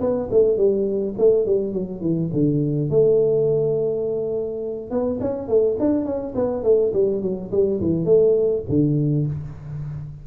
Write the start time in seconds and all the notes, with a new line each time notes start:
0.00 B3
0.31 A3
0.57 G3
1.18 A3
1.46 G3
1.73 F#3
2.01 E3
2.33 D3
2.90 A3
4.91 B3
5.21 C#4
5.48 A3
5.79 D4
6.05 C#4
6.35 B3
6.63 A3
6.93 G3
7.22 F#3
7.51 G3
7.80 E3
8.05 A3
8.69 D3